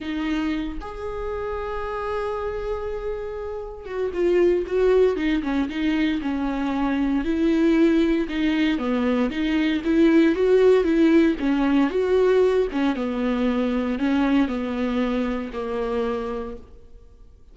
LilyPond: \new Staff \with { instrumentName = "viola" } { \time 4/4 \tempo 4 = 116 dis'4. gis'2~ gis'8~ | gis'2.~ gis'8 fis'8 | f'4 fis'4 dis'8 cis'8 dis'4 | cis'2 e'2 |
dis'4 b4 dis'4 e'4 | fis'4 e'4 cis'4 fis'4~ | fis'8 cis'8 b2 cis'4 | b2 ais2 | }